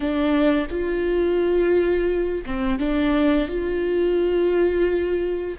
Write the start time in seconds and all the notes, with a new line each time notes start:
0.00 D4
0.70 F4
2.45 C4
2.79 D4
3.48 F4